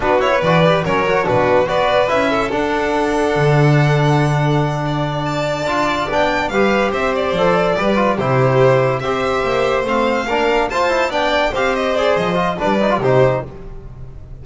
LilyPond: <<
  \new Staff \with { instrumentName = "violin" } { \time 4/4 \tempo 4 = 143 b'8 cis''8 d''4 cis''4 b'4 | d''4 e''4 fis''2~ | fis''1~ | fis''8 a''2 g''4 f''8~ |
f''8 e''8 d''2~ d''8 c''8~ | c''4. e''2 f''8~ | f''4. a''4 g''4 f''8 | dis''8 d''8 dis''4 d''4 c''4 | }
  \new Staff \with { instrumentName = "violin" } { \time 4/4 fis'8. b'4~ b'16 ais'4 fis'4 | b'4. a'2~ a'8~ | a'2.~ a'8 d''8~ | d''2.~ d''8 b'8~ |
b'8 c''2 b'4 g'8~ | g'4. c''2~ c''8~ | c''8 ais'4 c''4 d''4 c''8~ | c''2 b'4 g'4 | }
  \new Staff \with { instrumentName = "trombone" } { \time 4/4 d'8 e'8 fis'8 g'8 cis'8 fis'8 d'4 | fis'4 e'4 d'2~ | d'1~ | d'4. f'4 d'4 g'8~ |
g'4. a'4 g'8 f'8 e'8~ | e'4. g'2 c'8~ | c'8 d'4 f'8 e'8 d'4 g'8~ | g'8 gis'4 f'8 d'8 dis'16 f'16 dis'4 | }
  \new Staff \with { instrumentName = "double bass" } { \time 4/4 b4 e4 fis4 b,4 | b4 cis'4 d'2 | d1~ | d4. d'4 b4 g8~ |
g8 c'4 f4 g4 c8~ | c4. c'4 ais4 a8~ | a8 ais4 f'4 b4 c'8~ | c'4 f4 g4 c4 | }
>>